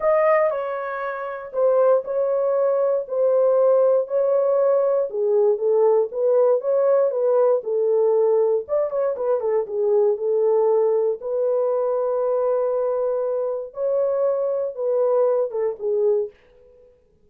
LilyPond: \new Staff \with { instrumentName = "horn" } { \time 4/4 \tempo 4 = 118 dis''4 cis''2 c''4 | cis''2 c''2 | cis''2 gis'4 a'4 | b'4 cis''4 b'4 a'4~ |
a'4 d''8 cis''8 b'8 a'8 gis'4 | a'2 b'2~ | b'2. cis''4~ | cis''4 b'4. a'8 gis'4 | }